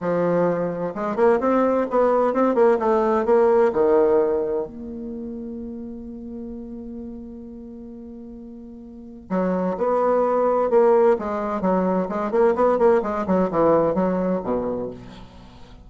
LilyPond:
\new Staff \with { instrumentName = "bassoon" } { \time 4/4 \tempo 4 = 129 f2 gis8 ais8 c'4 | b4 c'8 ais8 a4 ais4 | dis2 ais2~ | ais1~ |
ais1 | fis4 b2 ais4 | gis4 fis4 gis8 ais8 b8 ais8 | gis8 fis8 e4 fis4 b,4 | }